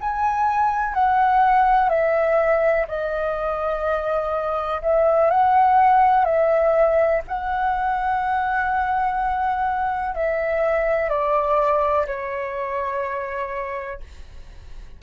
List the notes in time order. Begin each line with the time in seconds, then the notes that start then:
0.00 G#5
0.94 F#5
1.89 E5
2.88 D#5
4.82 E5
5.30 F#5
6.25 E5
7.28 F#5
10.15 E5
11.09 D5
12.06 C#5